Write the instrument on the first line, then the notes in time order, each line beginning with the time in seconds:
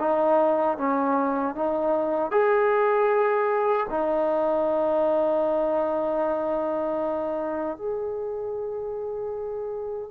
trombone
0.00 D#4
0.78 C#4
1.55 D#4
2.32 G#4
3.90 D#4
7.77 G#4